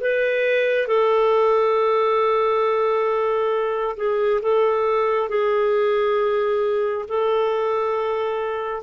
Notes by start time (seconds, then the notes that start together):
0.00 B4
0.87 A4
3.96 G#4
4.42 A4
5.29 G#4
7.08 A4